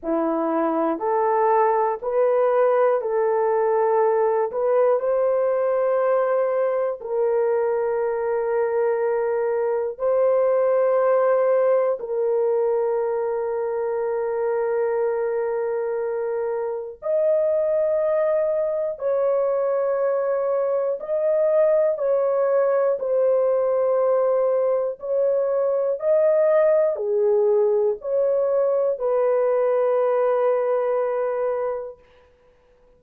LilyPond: \new Staff \with { instrumentName = "horn" } { \time 4/4 \tempo 4 = 60 e'4 a'4 b'4 a'4~ | a'8 b'8 c''2 ais'4~ | ais'2 c''2 | ais'1~ |
ais'4 dis''2 cis''4~ | cis''4 dis''4 cis''4 c''4~ | c''4 cis''4 dis''4 gis'4 | cis''4 b'2. | }